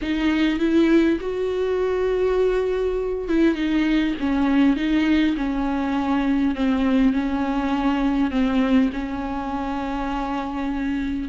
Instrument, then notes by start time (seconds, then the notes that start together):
viola
0.01 D#4
0.59 E4
1.20 F#4
3.28 E4
3.55 D#4
4.20 C#4
4.76 D#4
5.37 C#4
6.55 C4
7.13 C#4
8.31 C4
8.92 C#4